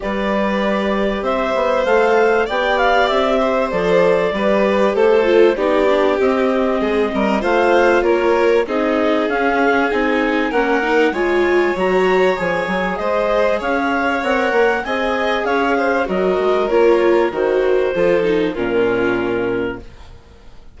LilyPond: <<
  \new Staff \with { instrumentName = "clarinet" } { \time 4/4 \tempo 4 = 97 d''2 e''4 f''4 | g''8 f''8 e''4 d''2 | c''4 d''4 dis''2 | f''4 cis''4 dis''4 f''4 |
gis''4 fis''4 gis''4 ais''4 | gis''4 dis''4 f''4 fis''4 | gis''4 f''4 dis''4 cis''4 | c''2 ais'2 | }
  \new Staff \with { instrumentName = "violin" } { \time 4/4 b'2 c''2 | d''4. c''4. b'4 | a'4 g'2 gis'8 ais'8 | c''4 ais'4 gis'2~ |
gis'4 ais'4 cis''2~ | cis''4 c''4 cis''2 | dis''4 cis''8 c''8 ais'2~ | ais'4 a'4 f'2 | }
  \new Staff \with { instrumentName = "viola" } { \time 4/4 g'2. a'4 | g'2 a'4 g'4~ | g'8 f'8 dis'8 d'8 c'2 | f'2 dis'4 cis'4 |
dis'4 cis'8 dis'8 f'4 fis'4 | gis'2. ais'4 | gis'2 fis'4 f'4 | fis'4 f'8 dis'8 cis'2 | }
  \new Staff \with { instrumentName = "bassoon" } { \time 4/4 g2 c'8 b8 a4 | b4 c'4 f4 g4 | a4 b4 c'4 gis8 g8 | a4 ais4 c'4 cis'4 |
c'4 ais4 gis4 fis4 | f8 fis8 gis4 cis'4 c'8 ais8 | c'4 cis'4 fis8 gis8 ais4 | dis4 f4 ais,2 | }
>>